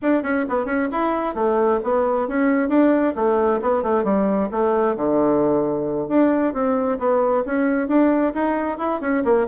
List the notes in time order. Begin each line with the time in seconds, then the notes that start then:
0.01 D4
0.22 C#4
0.48 B3
0.65 C#4
0.91 E4
1.35 A3
1.83 B3
2.28 C#4
2.68 D4
3.15 A3
3.61 B3
3.82 A3
4.04 G3
4.51 A3
4.96 D3
6.08 D4
6.53 C4
6.98 B3
7.45 C#4
7.88 D4
8.34 D#4
8.78 E4
9.00 C#4
9.24 A#3